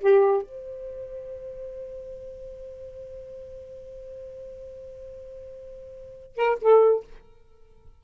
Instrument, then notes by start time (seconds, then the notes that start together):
saxophone
0.00 G4
0.42 C5
6.36 A#4
6.61 A4